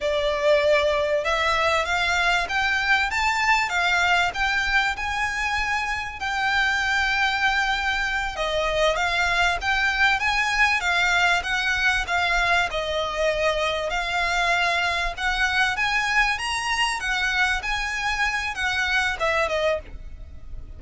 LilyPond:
\new Staff \with { instrumentName = "violin" } { \time 4/4 \tempo 4 = 97 d''2 e''4 f''4 | g''4 a''4 f''4 g''4 | gis''2 g''2~ | g''4. dis''4 f''4 g''8~ |
g''8 gis''4 f''4 fis''4 f''8~ | f''8 dis''2 f''4.~ | f''8 fis''4 gis''4 ais''4 fis''8~ | fis''8 gis''4. fis''4 e''8 dis''8 | }